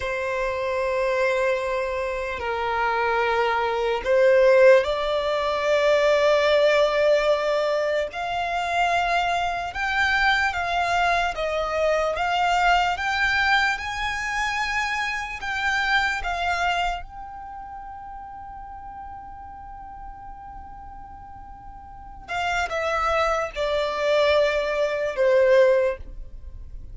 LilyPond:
\new Staff \with { instrumentName = "violin" } { \time 4/4 \tempo 4 = 74 c''2. ais'4~ | ais'4 c''4 d''2~ | d''2 f''2 | g''4 f''4 dis''4 f''4 |
g''4 gis''2 g''4 | f''4 g''2.~ | g''2.~ g''8 f''8 | e''4 d''2 c''4 | }